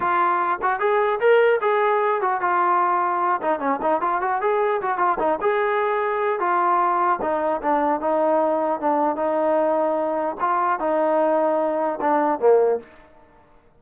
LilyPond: \new Staff \with { instrumentName = "trombone" } { \time 4/4 \tempo 4 = 150 f'4. fis'8 gis'4 ais'4 | gis'4. fis'8 f'2~ | f'8 dis'8 cis'8 dis'8 f'8 fis'8 gis'4 | fis'8 f'8 dis'8 gis'2~ gis'8 |
f'2 dis'4 d'4 | dis'2 d'4 dis'4~ | dis'2 f'4 dis'4~ | dis'2 d'4 ais4 | }